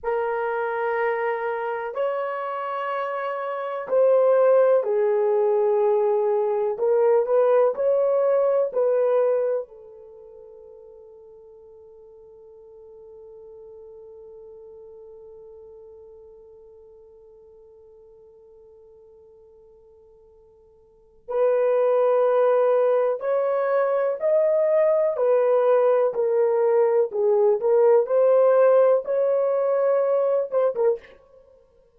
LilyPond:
\new Staff \with { instrumentName = "horn" } { \time 4/4 \tempo 4 = 62 ais'2 cis''2 | c''4 gis'2 ais'8 b'8 | cis''4 b'4 a'2~ | a'1~ |
a'1~ | a'2 b'2 | cis''4 dis''4 b'4 ais'4 | gis'8 ais'8 c''4 cis''4. c''16 ais'16 | }